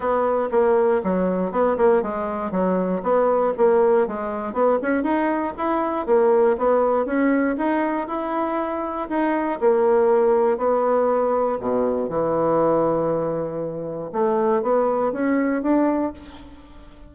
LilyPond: \new Staff \with { instrumentName = "bassoon" } { \time 4/4 \tempo 4 = 119 b4 ais4 fis4 b8 ais8 | gis4 fis4 b4 ais4 | gis4 b8 cis'8 dis'4 e'4 | ais4 b4 cis'4 dis'4 |
e'2 dis'4 ais4~ | ais4 b2 b,4 | e1 | a4 b4 cis'4 d'4 | }